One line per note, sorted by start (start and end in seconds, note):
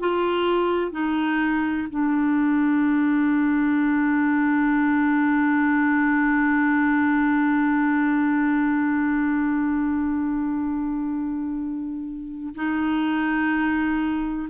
0.00 0.91 F4
0.91 1.88 D#4
1.90 12.55 D4
12.55 14.49 D#4